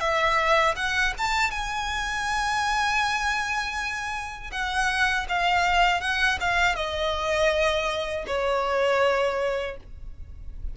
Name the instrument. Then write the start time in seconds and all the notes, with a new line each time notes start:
violin
0.00 E5
0.76 F#5
1.18 A5
1.51 G#5
4.51 F#5
5.29 F5
6.01 F#5
6.40 F5
6.76 D#5
8.27 C#5